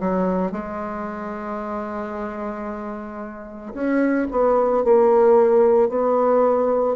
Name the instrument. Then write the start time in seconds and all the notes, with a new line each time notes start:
bassoon
0.00 F#3
0.52 G#3
3.74 C#4
4.31 B3
4.84 A#3
5.89 B3